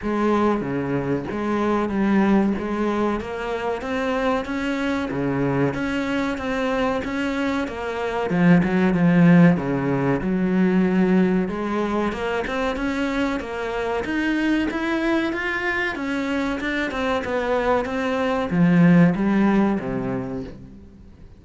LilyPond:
\new Staff \with { instrumentName = "cello" } { \time 4/4 \tempo 4 = 94 gis4 cis4 gis4 g4 | gis4 ais4 c'4 cis'4 | cis4 cis'4 c'4 cis'4 | ais4 f8 fis8 f4 cis4 |
fis2 gis4 ais8 c'8 | cis'4 ais4 dis'4 e'4 | f'4 cis'4 d'8 c'8 b4 | c'4 f4 g4 c4 | }